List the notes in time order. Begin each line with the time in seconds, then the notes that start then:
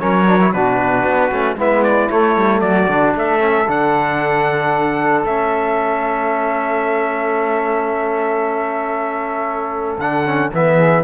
0.00 F#3 C#4 A#4 C#5
0.27 D4
0.40 E4
0.52 B2 D4 F#4 B4
1.05 B3
1.31 A3 C#4
1.55 G#3 B3 E4 E5
1.83 D5
2.10 A3 C#5
2.36 G3
2.61 F#3 F#4 D5
2.88 D3 D4
3.15 A3 A4 E5
3.40 C#4
3.68 D3 D4 F#5
5.24 A3 C#4 E5
9.99 D3 D4 F#5
10.26 C#4
10.54 E3 B3 E5
10.76 G#4